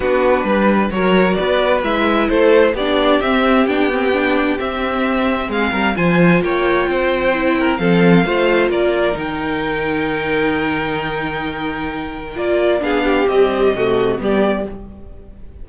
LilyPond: <<
  \new Staff \with { instrumentName = "violin" } { \time 4/4 \tempo 4 = 131 b'2 cis''4 d''4 | e''4 c''4 d''4 e''4 | g''2 e''2 | f''4 gis''4 g''2~ |
g''4 f''2 d''4 | g''1~ | g''2. d''4 | f''4 dis''2 d''4 | }
  \new Staff \with { instrumentName = "violin" } { \time 4/4 fis'4 b'4 ais'4 b'4~ | b'4 a'4 g'2~ | g'1 | gis'8 ais'8 c''4 cis''4 c''4~ |
c''8 ais'8 a'4 c''4 ais'4~ | ais'1~ | ais'1 | gis'8 g'4. fis'4 g'4 | }
  \new Staff \with { instrumentName = "viola" } { \time 4/4 d'2 fis'2 | e'2 d'4 c'4 | d'8 c'8 d'4 c'2~ | c'4 f'2. |
e'4 c'4 f'2 | dis'1~ | dis'2. f'4 | d'4 g4 a4 b4 | }
  \new Staff \with { instrumentName = "cello" } { \time 4/4 b4 g4 fis4 b4 | gis4 a4 b4 c'4 | b2 c'2 | gis8 g8 f4 ais4 c'4~ |
c'4 f4 a4 ais4 | dis1~ | dis2. ais4 | b4 c'4 c4 g4 | }
>>